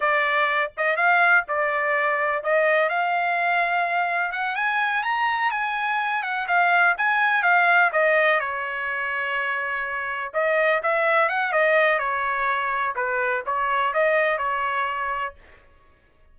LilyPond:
\new Staff \with { instrumentName = "trumpet" } { \time 4/4 \tempo 4 = 125 d''4. dis''8 f''4 d''4~ | d''4 dis''4 f''2~ | f''4 fis''8 gis''4 ais''4 gis''8~ | gis''4 fis''8 f''4 gis''4 f''8~ |
f''8 dis''4 cis''2~ cis''8~ | cis''4. dis''4 e''4 fis''8 | dis''4 cis''2 b'4 | cis''4 dis''4 cis''2 | }